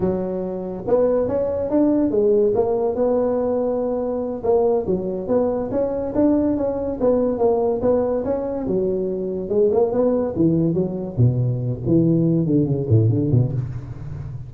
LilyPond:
\new Staff \with { instrumentName = "tuba" } { \time 4/4 \tempo 4 = 142 fis2 b4 cis'4 | d'4 gis4 ais4 b4~ | b2~ b8 ais4 fis8~ | fis8 b4 cis'4 d'4 cis'8~ |
cis'8 b4 ais4 b4 cis'8~ | cis'8 fis2 gis8 ais8 b8~ | b8 e4 fis4 b,4. | e4. d8 cis8 a,8 d8 b,8 | }